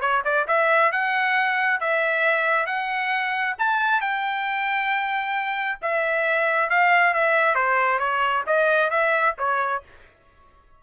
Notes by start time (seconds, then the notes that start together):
0.00 C#5
0.24 D5
0.47 E5
0.91 F#5
1.80 E5
2.66 F#5
3.58 A5
4.00 G5
5.81 E5
6.69 F5
7.13 E5
7.54 C5
7.98 C#5
8.46 D#5
8.90 E5
9.38 C#5